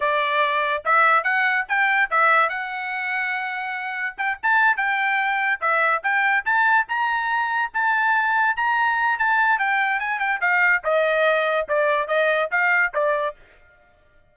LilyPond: \new Staff \with { instrumentName = "trumpet" } { \time 4/4 \tempo 4 = 144 d''2 e''4 fis''4 | g''4 e''4 fis''2~ | fis''2 g''8 a''4 g''8~ | g''4. e''4 g''4 a''8~ |
a''8 ais''2 a''4.~ | a''8 ais''4. a''4 g''4 | gis''8 g''8 f''4 dis''2 | d''4 dis''4 f''4 d''4 | }